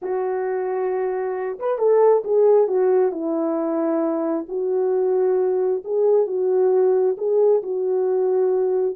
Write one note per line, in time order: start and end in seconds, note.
0.02 1.59 F#4
1.59 1.78 B4
1.78 2.23 A4
2.24 2.67 G#4
2.67 3.11 F#4
3.11 4.46 E4
4.48 5.82 F#4
5.84 6.26 G#4
6.26 7.16 F#4
7.17 7.62 G#4
7.62 8.96 F#4